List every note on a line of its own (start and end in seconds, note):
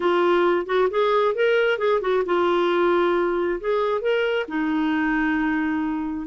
0.00 0.66 F4
0.66 0.88 F#4
0.90 1.34 G#4
1.34 1.78 A#4
1.78 2.00 G#4
2.01 2.23 F#4
2.25 3.59 F4
3.60 4.01 G#4
4.01 4.46 A#4
4.48 6.27 D#4